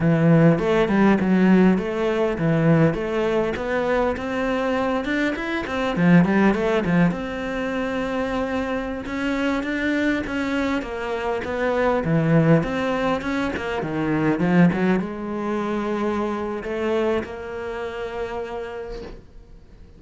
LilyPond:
\new Staff \with { instrumentName = "cello" } { \time 4/4 \tempo 4 = 101 e4 a8 g8 fis4 a4 | e4 a4 b4 c'4~ | c'8 d'8 e'8 c'8 f8 g8 a8 f8 | c'2.~ c'16 cis'8.~ |
cis'16 d'4 cis'4 ais4 b8.~ | b16 e4 c'4 cis'8 ais8 dis8.~ | dis16 f8 fis8 gis2~ gis8. | a4 ais2. | }